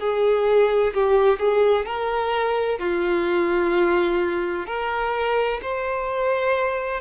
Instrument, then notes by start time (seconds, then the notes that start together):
violin
0.00 G#4
0.94 G4
1.40 G#4
1.86 A#4
2.79 F4
4.67 A#4
5.62 C5